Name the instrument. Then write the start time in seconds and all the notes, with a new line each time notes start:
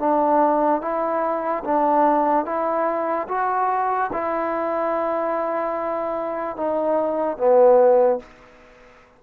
trombone
0.00 D4
0.82 E4
1.65 D4
2.46 E4
3.29 F#4
4.13 E4
6.57 D#4
7.37 B3